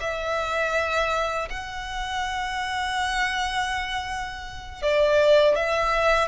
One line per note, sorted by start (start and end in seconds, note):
0.00 1.48 E5
1.50 4.82 F#5
4.82 5.55 D5
5.55 6.28 E5